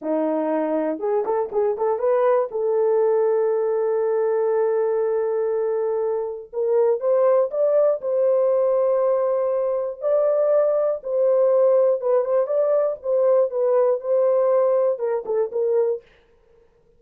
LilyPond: \new Staff \with { instrumentName = "horn" } { \time 4/4 \tempo 4 = 120 dis'2 gis'8 a'8 gis'8 a'8 | b'4 a'2.~ | a'1~ | a'4 ais'4 c''4 d''4 |
c''1 | d''2 c''2 | b'8 c''8 d''4 c''4 b'4 | c''2 ais'8 a'8 ais'4 | }